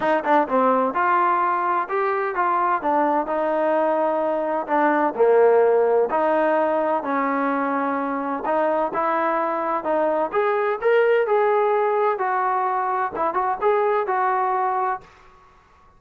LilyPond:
\new Staff \with { instrumentName = "trombone" } { \time 4/4 \tempo 4 = 128 dis'8 d'8 c'4 f'2 | g'4 f'4 d'4 dis'4~ | dis'2 d'4 ais4~ | ais4 dis'2 cis'4~ |
cis'2 dis'4 e'4~ | e'4 dis'4 gis'4 ais'4 | gis'2 fis'2 | e'8 fis'8 gis'4 fis'2 | }